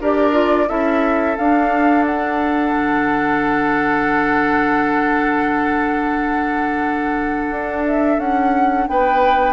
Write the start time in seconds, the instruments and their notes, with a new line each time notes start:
0.00 bassoon D4, clarinet G4, oboe A#4, flute D5
0.32 clarinet F4
0.68 bassoon C#4, clarinet E4, oboe A4, flute E5
1.37 bassoon D4, clarinet D4, flute F5
2.05 flute F#5
2.72 bassoon D3
7.50 bassoon D4
7.86 flute E5
8.18 bassoon C#4, flute F#5
8.87 bassoon B3, oboe B4, flute G5